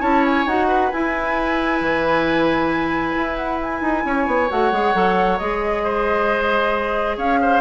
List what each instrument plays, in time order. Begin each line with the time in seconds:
0.00 bassoon C#4, clarinet E4, oboe C#5, flute A5
0.25 flute G#5
0.46 bassoon D#4, clarinet F#4, flute F#5
0.68 oboe B4
0.91 clarinet E4, bassoon E4, flute G#5
1.81 bassoon E3
3.16 bassoon E4
3.36 flute F#5
3.63 flute G#5
3.81 bassoon D#4
4.05 bassoon C#4, oboe C#5
4.27 bassoon B3
4.50 bassoon A3, clarinet F#4, flute F#5
4.72 bassoon G#3, clarinet G#4
4.94 bassoon F#3, clarinet A4
5.38 bassoon G#3, clarinet G#4, flute D#5
5.84 oboe C5
7.17 bassoon C#4, oboe C#5, flute F5
7.42 oboe C5